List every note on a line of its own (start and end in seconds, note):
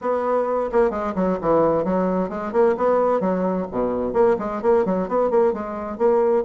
0.01 0.70 B3
0.72 0.90 A#3
0.90 1.13 G#3
1.15 1.38 F#3
1.41 1.84 E3
1.84 2.29 F#3
2.29 2.52 G#3
2.52 2.75 A#3
2.77 3.20 B3
3.20 3.66 F#3
3.71 4.13 B2
4.13 4.36 A#3
4.38 4.62 G#3
4.62 4.85 A#3
4.85 5.08 F#3
5.08 5.30 B3
5.30 5.53 A#3
5.53 5.98 G#3
5.98 6.44 A#3